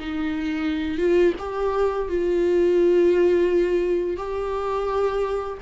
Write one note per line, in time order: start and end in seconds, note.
0.00 0.99 D#4
0.99 1.34 F4
1.39 2.09 G4
2.09 4.17 F4
4.17 5.58 G4